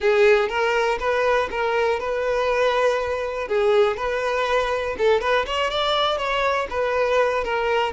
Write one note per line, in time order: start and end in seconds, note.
0.00 0.48 G#4
0.48 0.98 A#4
0.99 1.49 B4
1.51 1.99 A#4
1.99 3.48 B4
3.48 3.97 G#4
3.97 4.96 B4
4.97 5.21 A4
5.21 5.45 B4
5.46 5.70 C#5
5.70 6.17 D5
6.17 6.67 C#5
6.69 7.44 B4
7.44 7.92 A#4